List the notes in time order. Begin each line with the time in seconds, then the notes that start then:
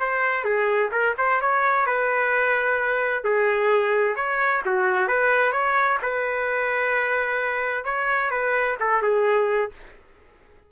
0.00 C5
0.44 G#4
0.91 A#4
1.18 C5
1.41 C#5
1.86 B4
3.24 G#4
4.16 C#5
4.65 F#4
5.08 B4
5.52 C#5
6.02 B4
7.85 C#5
8.31 B4
8.80 A4
9.02 G#4